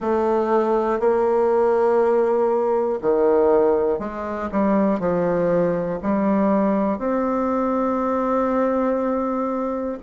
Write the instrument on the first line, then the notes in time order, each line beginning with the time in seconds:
bassoon
0.00 A3
0.99 A#3
3.01 D#3
3.99 G#3
4.51 G3
5.00 F3
6.02 G3
6.98 C4